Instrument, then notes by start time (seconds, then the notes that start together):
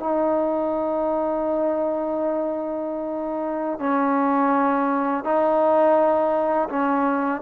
trombone
0.00 D#4
3.80 C#4
5.24 D#4
6.70 C#4